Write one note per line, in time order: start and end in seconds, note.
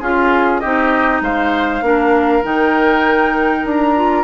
0.00 0.61 C#4
0.00 0.61 F4
0.00 0.63 F4
0.00 0.59 G#4
0.59 1.21 C4
0.59 1.83 D#4
0.59 1.21 G4
0.59 1.20 D#5
1.21 1.81 G#3
1.21 1.84 C5
1.21 2.44 F5
1.81 2.42 A#3
1.81 2.43 D4
1.81 4.24 A#4
2.43 3.64 D#3
2.43 3.94 D#4
2.43 3.66 G5
3.64 4.24 D4
3.64 4.24 A#5
3.95 4.24 F4